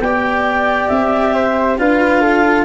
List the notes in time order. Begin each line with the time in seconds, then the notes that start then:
0.00 B3 G4 D5 G5
0.88 C4 E5
1.34 C5
1.78 D4 F4 B4 F5
2.21 A4